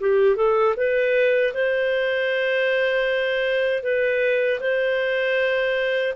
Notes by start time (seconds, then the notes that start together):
0.00 G4
0.36 A4
0.77 B4
1.54 C5
3.83 B4
4.60 C5